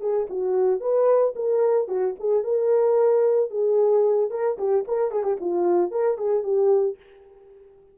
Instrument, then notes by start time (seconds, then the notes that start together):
horn
0.00 G#4
0.29 F#4
0.80 B4
1.35 A#4
1.88 F#4
2.19 G#4
2.43 A#4
3.50 G#4
4.30 A#4
4.58 G4
4.87 A#4
5.11 G#4
5.23 G4
5.40 F4
5.91 A#4
6.17 G#4
6.43 G4